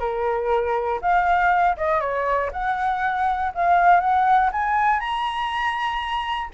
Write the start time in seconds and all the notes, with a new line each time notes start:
0.00 A#4
1.02 F5
1.77 D#5
2.01 C#5
2.53 F#5
3.55 F5
4.00 F#5
4.53 G#5
5.00 A#5